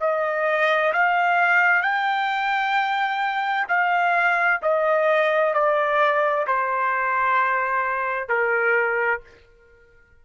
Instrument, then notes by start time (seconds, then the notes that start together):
trumpet
0.00 D#5
0.93 F5
1.82 G5
3.68 F5
4.62 D#5
5.53 D5
6.47 C5
8.28 A#4